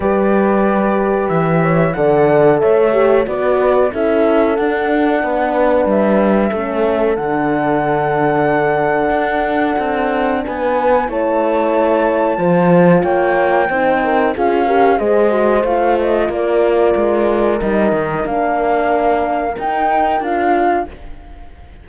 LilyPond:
<<
  \new Staff \with { instrumentName = "flute" } { \time 4/4 \tempo 4 = 92 d''2 e''4 fis''4 | e''4 d''4 e''4 fis''4~ | fis''4 e''2 fis''4~ | fis''1 |
gis''4 a''2. | g''2 f''4 dis''4 | f''8 dis''8 d''2 dis''4 | f''2 g''4 f''4 | }
  \new Staff \with { instrumentName = "horn" } { \time 4/4 b'2~ b'8 cis''8 d''4 | cis''4 b'4 a'2 | b'2 a'2~ | a'1 |
b'4 cis''2 c''4 | cis''4 c''8 ais'8 gis'8 ais'8 c''4~ | c''4 ais'2.~ | ais'1 | }
  \new Staff \with { instrumentName = "horn" } { \time 4/4 g'2. a'4~ | a'8 g'8 fis'4 e'4 d'4~ | d'2 cis'4 d'4~ | d'1~ |
d'4 e'2 f'4~ | f'4 dis'4 f'8 g'8 gis'8 fis'8 | f'2. dis'4 | d'2 dis'4 f'4 | }
  \new Staff \with { instrumentName = "cello" } { \time 4/4 g2 e4 d4 | a4 b4 cis'4 d'4 | b4 g4 a4 d4~ | d2 d'4 c'4 |
b4 a2 f4 | ais4 c'4 cis'4 gis4 | a4 ais4 gis4 g8 dis8 | ais2 dis'4 d'4 | }
>>